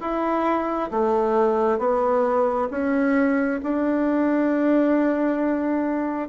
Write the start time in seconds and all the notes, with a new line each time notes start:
0.00 E4
0.90 A3
1.78 B3
2.70 C#4
3.63 D4